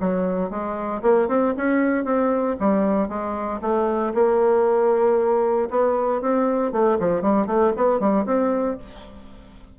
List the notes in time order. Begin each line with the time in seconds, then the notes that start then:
0.00 F#3
0.50 G#3
1.02 A#3
1.28 C4
1.56 C#4
2.04 C4
2.59 G3
3.08 G#3
3.61 A3
4.14 A#3
5.70 B3
6.21 C4
6.72 A3
6.99 F3
7.21 G3
7.46 A3
7.76 B3
7.99 G3
8.25 C4